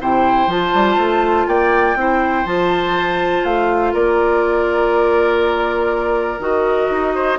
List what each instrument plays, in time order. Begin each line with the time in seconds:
0.00 bassoon C3, clarinet E4, oboe C5, flute G5
0.46 bassoon F3, clarinet F4, flute A5
0.74 bassoon G3
0.97 bassoon A3
1.47 bassoon A#3, oboe D5, flute G5
1.95 bassoon C4, clarinet E4, oboe C5
2.45 bassoon F3, clarinet F4, flute A5
3.44 bassoon A3, flute F5
3.93 bassoon A#3, oboe A#4, flute D5
6.39 bassoon D#3, clarinet F#4, flute D#5
6.90 bassoon D#4
7.14 oboe C5